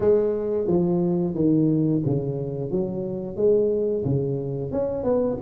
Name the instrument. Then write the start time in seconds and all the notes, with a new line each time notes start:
tuba
0.00 G#3
0.67 F3
1.34 D#3
2.05 C#3
2.71 F#3
3.36 G#3
4.04 C#3
4.71 C#4
5.03 B3